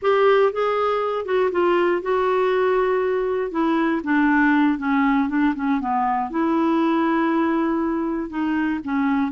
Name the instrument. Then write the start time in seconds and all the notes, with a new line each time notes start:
clarinet
0.02 G4
0.52 G#4
1.25 F#4
1.51 F4
2.02 F#4
3.51 E4
4.03 D4
4.78 C#4
5.28 D4
5.55 C#4
5.80 B3
6.30 E4
8.29 D#4
8.84 C#4